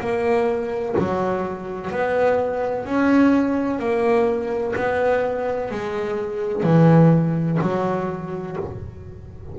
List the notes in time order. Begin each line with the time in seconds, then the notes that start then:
0.00 A#3
0.99 F#3
1.91 B3
2.86 C#4
3.79 A#3
4.76 B3
5.71 G#3
6.63 E3
7.61 F#3